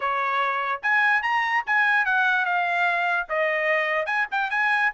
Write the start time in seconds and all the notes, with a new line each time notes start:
0.00 C#5
0.82 G#5
1.22 A#5
1.66 G#5
2.05 F#5
2.45 F5
3.29 D#5
4.06 G#5
4.31 G5
4.50 G#5